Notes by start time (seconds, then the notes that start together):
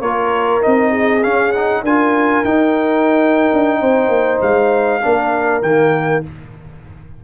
0.00 A#3 F4 A#4 C#5
0.61 C4 D#4 D#5
0.91 G#4
1.23 C#4 F5
1.52 D#4 F#5
1.83 D4 F4 A#4 G#5
2.44 D#4 G5
3.53 D4
3.80 C4 C5
4.08 A#3
4.41 G#3 F5
5.01 A#3 D4 A#4
5.62 D#3 A#3 G5